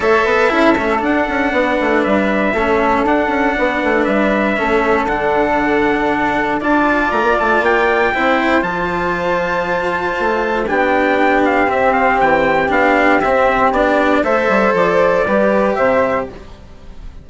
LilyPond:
<<
  \new Staff \with { instrumentName = "trumpet" } { \time 4/4 \tempo 4 = 118 e''2 fis''2 | e''2 fis''2 | e''2 fis''2~ | fis''4 a''4 ais''8 a''8 g''4~ |
g''4 a''2.~ | a''4 g''4. f''8 e''8 f''8 | g''4 f''4 e''4 d''4 | e''4 d''2 e''4 | }
  \new Staff \with { instrumentName = "flute" } { \time 4/4 cis''8 b'8 a'2 b'4~ | b'4 a'2 b'4~ | b'4 a'2.~ | a'4 d''2. |
c''1~ | c''4 g'2.~ | g'1 | c''2 b'4 c''4 | }
  \new Staff \with { instrumentName = "cello" } { \time 4/4 a'4 e'8 cis'8 d'2~ | d'4 cis'4 d'2~ | d'4 cis'4 d'2~ | d'4 f'2. |
e'4 f'2.~ | f'4 d'2 c'4~ | c'4 d'4 c'4 d'4 | a'2 g'2 | }
  \new Staff \with { instrumentName = "bassoon" } { \time 4/4 a8 b8 cis'8 a8 d'8 cis'8 b8 a8 | g4 a4 d'8 cis'8 b8 a8 | g4 a4 d2~ | d4 d'4 a16 ais16 a8 ais4 |
c'4 f2. | a4 b2 c'4 | e4 b4 c'4 b4 | a8 g8 f4 g4 c4 | }
>>